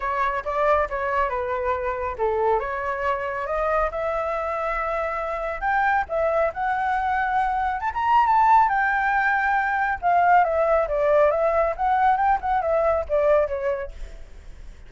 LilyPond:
\new Staff \with { instrumentName = "flute" } { \time 4/4 \tempo 4 = 138 cis''4 d''4 cis''4 b'4~ | b'4 a'4 cis''2 | dis''4 e''2.~ | e''4 g''4 e''4 fis''4~ |
fis''2 a''16 ais''8. a''4 | g''2. f''4 | e''4 d''4 e''4 fis''4 | g''8 fis''8 e''4 d''4 cis''4 | }